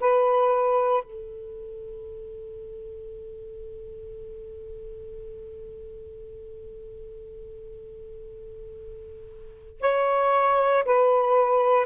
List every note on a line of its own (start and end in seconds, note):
0.00 1.03 B4
1.03 9.80 A4
9.80 10.84 C#5
10.85 11.86 B4